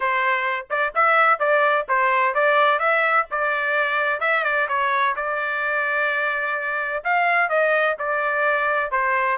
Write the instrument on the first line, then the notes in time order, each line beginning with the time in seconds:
trumpet
0.00 C5
0.70 D5
0.94 E5
1.39 D5
1.88 C5
2.34 D5
2.79 E5
3.30 D5
4.20 E5
4.44 D5
4.68 C#5
5.16 D5
7.03 F5
7.49 D#5
7.99 D5
8.91 C5